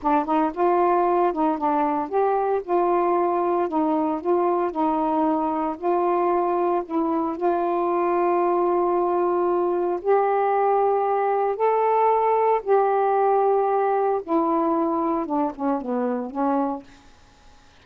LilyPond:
\new Staff \with { instrumentName = "saxophone" } { \time 4/4 \tempo 4 = 114 d'8 dis'8 f'4. dis'8 d'4 | g'4 f'2 dis'4 | f'4 dis'2 f'4~ | f'4 e'4 f'2~ |
f'2. g'4~ | g'2 a'2 | g'2. e'4~ | e'4 d'8 cis'8 b4 cis'4 | }